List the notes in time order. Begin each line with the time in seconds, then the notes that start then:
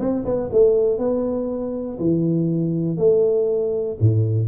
0.00 C4
0.25 B3
0.53 A3
0.99 B3
1.99 E3
2.98 A3
4.01 A2